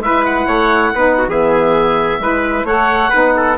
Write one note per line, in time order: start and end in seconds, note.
0.00 0.46 G#3
0.00 0.95 E4
0.00 0.47 B4
0.00 0.25 E5
0.25 1.29 F#5
0.47 0.93 A3
0.47 0.93 C#5
0.94 1.28 B3
0.94 1.30 D#4
0.94 1.18 B4
1.19 1.30 F#4
1.28 2.19 E3
1.28 2.21 B3
1.28 2.22 G#4
1.28 2.67 E5
2.19 2.64 G#3
2.19 2.67 E4
2.19 2.66 B4
2.64 3.10 A3
2.64 3.12 A4
2.64 3.10 C#5
2.64 3.59 F#5
3.10 3.59 B3
3.10 3.58 D#4
3.10 3.33 B4
3.37 3.59 A4